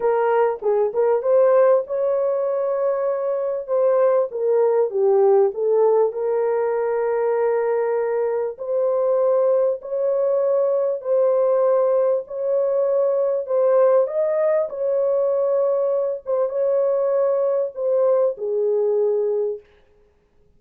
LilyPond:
\new Staff \with { instrumentName = "horn" } { \time 4/4 \tempo 4 = 98 ais'4 gis'8 ais'8 c''4 cis''4~ | cis''2 c''4 ais'4 | g'4 a'4 ais'2~ | ais'2 c''2 |
cis''2 c''2 | cis''2 c''4 dis''4 | cis''2~ cis''8 c''8 cis''4~ | cis''4 c''4 gis'2 | }